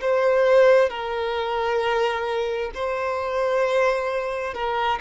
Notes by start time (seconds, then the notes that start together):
0.00 C5
0.89 A#4
2.74 C5
4.53 A#4